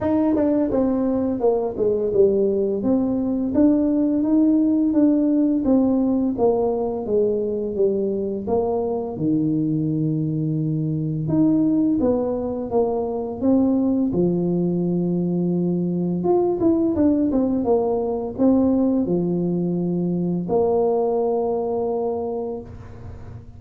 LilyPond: \new Staff \with { instrumentName = "tuba" } { \time 4/4 \tempo 4 = 85 dis'8 d'8 c'4 ais8 gis8 g4 | c'4 d'4 dis'4 d'4 | c'4 ais4 gis4 g4 | ais4 dis2. |
dis'4 b4 ais4 c'4 | f2. f'8 e'8 | d'8 c'8 ais4 c'4 f4~ | f4 ais2. | }